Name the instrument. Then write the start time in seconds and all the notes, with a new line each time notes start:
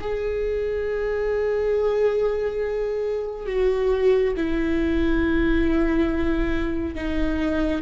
viola
0.00 G#4
3.46 F#4
4.36 E4
6.95 D#4